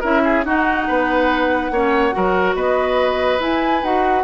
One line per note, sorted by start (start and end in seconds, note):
0.00 0.45 C#4
0.00 0.44 E4
0.00 0.21 A#4
0.00 0.45 E5
0.24 0.45 G#4
0.45 0.87 D#4
0.45 1.72 D#4
0.45 0.87 F#4
0.45 2.55 F#5
0.87 1.71 B3
0.87 1.71 B4
1.71 2.13 A#3
1.71 2.11 C#4
1.71 2.15 C#5
2.11 2.55 F#3
2.11 3.38 F#4
2.11 2.55 A#4
2.55 3.39 B3
2.55 4.23 B4
2.55 3.40 D#5
3.40 3.82 E4
3.40 3.83 G#5
3.83 4.23 D#4
3.83 4.23 F#4
3.83 4.23 F#5